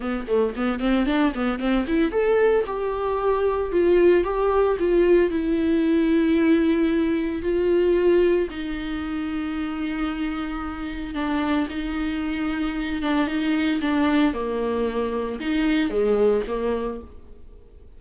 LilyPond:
\new Staff \with { instrumentName = "viola" } { \time 4/4 \tempo 4 = 113 b8 a8 b8 c'8 d'8 b8 c'8 e'8 | a'4 g'2 f'4 | g'4 f'4 e'2~ | e'2 f'2 |
dis'1~ | dis'4 d'4 dis'2~ | dis'8 d'8 dis'4 d'4 ais4~ | ais4 dis'4 gis4 ais4 | }